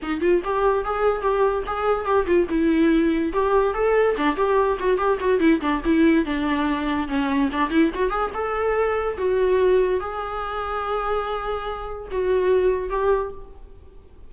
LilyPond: \new Staff \with { instrumentName = "viola" } { \time 4/4 \tempo 4 = 144 dis'8 f'8 g'4 gis'4 g'4 | gis'4 g'8 f'8 e'2 | g'4 a'4 d'8 g'4 fis'8 | g'8 fis'8 e'8 d'8 e'4 d'4~ |
d'4 cis'4 d'8 e'8 fis'8 gis'8 | a'2 fis'2 | gis'1~ | gis'4 fis'2 g'4 | }